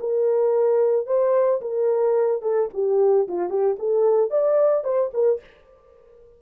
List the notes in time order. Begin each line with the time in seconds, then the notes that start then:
0.00 A#4
1.06 C5
1.61 A#4
2.42 A4
2.74 G4
3.28 F4
3.49 G4
3.79 A4
4.30 D5
4.84 C5
5.13 A#4